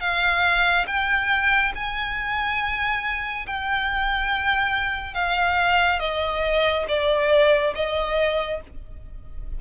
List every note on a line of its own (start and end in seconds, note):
0.00 0.86 F5
0.86 1.72 G5
1.75 3.46 G#5
3.46 5.14 G5
5.14 5.99 F5
5.99 6.85 D#5
6.88 7.73 D5
7.75 8.60 D#5